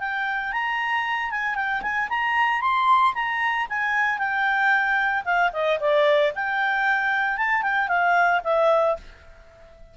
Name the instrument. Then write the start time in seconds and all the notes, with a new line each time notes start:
clarinet
0.00 G5
0.53 A#5
1.31 G#5
1.56 G5
1.82 G#5
2.09 A#5
2.61 C6
3.15 A#5
3.70 G#5
4.19 G5
5.25 F5
5.53 D#5
5.80 D5
6.35 G5
7.38 A5
7.63 G5
7.88 F5
8.44 E5